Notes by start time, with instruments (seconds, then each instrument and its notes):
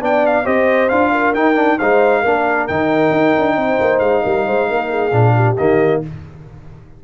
0.00 tuba B3, trombone D4, horn D5, trumpet G5
0.26 trumpet F5
0.44 tuba C4, trombone G4, horn C5, trumpet D#5
0.89 tuba D4, trombone F4, trumpet F5
1.11 horn A#4
1.34 tuba D#4, trombone D#4, trumpet G5
1.55 trombone D4
1.78 tuba G#3, trombone D#4, horn C5, trumpet F5
2.21 tuba A#3, trombone D4, horn A#4
2.67 tuba D#3, trombone D#4, trumpet G5
3.10 tuba D#4
3.37 tuba D4
3.56 tuba C4, horn C5
3.80 tuba A#3
3.99 tuba G#3, trumpet F5
4.23 tuba G3, horn A#4
4.46 tuba G#3, horn C5
4.68 tuba A#3, horn A#4
4.89 horn G#4
5.11 tuba A#2, trombone D4
5.35 horn G4
5.56 tuba D#3, trombone A#3, trumpet D#5